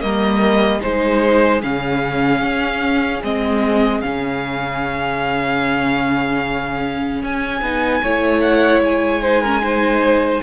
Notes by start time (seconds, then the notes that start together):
0.00 G3 A#3 A#4 D#5
0.79 G#3 D#4 G#4 C5
1.62 C#3 C#4 F5
2.42 C#4
3.22 G#3 C4 D#5
4.01 C#3 C#4 F5
7.22 C#4 G#5
7.61 B3 D#4
8.02 A3 E4 C#5
8.41 F#5
8.79 G#3 G#5
9.21 D#4 C5
9.41 C#4 A#4
9.61 D#4 C5